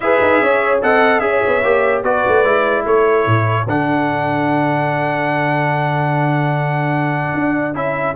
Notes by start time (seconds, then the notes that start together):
0.00 E4 G#4 B4 E5
0.21 D#4
0.40 C#4 C#5
0.82 C4 A4 D#5 F#5
1.19 C#4 G#4 C#5 E5
1.46 B3
1.63 A#3 G4
2.03 B3 F#4 B4 D5
2.27 A3
2.44 G#3 E4
2.85 A3 A4 C#5
3.26 A2
3.66 D3 D4 F#5
7.34 D4
7.74 C#4 E4 E5